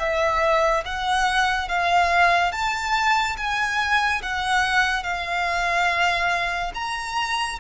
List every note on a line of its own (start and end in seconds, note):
0.00 0.85 E5
0.86 1.69 F#5
1.69 2.52 F5
2.52 3.37 A5
3.38 4.22 G#5
4.23 5.04 F#5
5.04 6.73 F5
6.75 7.59 A#5